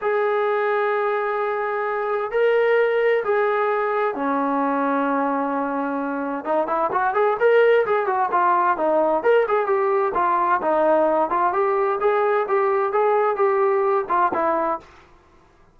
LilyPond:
\new Staff \with { instrumentName = "trombone" } { \time 4/4 \tempo 4 = 130 gis'1~ | gis'4 ais'2 gis'4~ | gis'4 cis'2.~ | cis'2 dis'8 e'8 fis'8 gis'8 |
ais'4 gis'8 fis'8 f'4 dis'4 | ais'8 gis'8 g'4 f'4 dis'4~ | dis'8 f'8 g'4 gis'4 g'4 | gis'4 g'4. f'8 e'4 | }